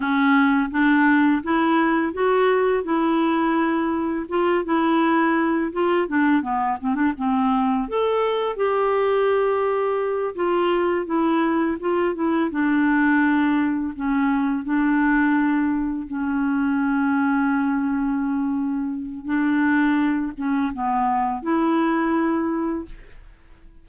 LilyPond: \new Staff \with { instrumentName = "clarinet" } { \time 4/4 \tempo 4 = 84 cis'4 d'4 e'4 fis'4 | e'2 f'8 e'4. | f'8 d'8 b8 c'16 d'16 c'4 a'4 | g'2~ g'8 f'4 e'8~ |
e'8 f'8 e'8 d'2 cis'8~ | cis'8 d'2 cis'4.~ | cis'2. d'4~ | d'8 cis'8 b4 e'2 | }